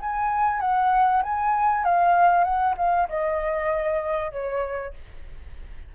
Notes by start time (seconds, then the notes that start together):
0.00 G#5
0.60 F#5
1.23 G#5
1.84 F5
2.44 F#5
2.77 F5
3.09 D#5
4.32 C#5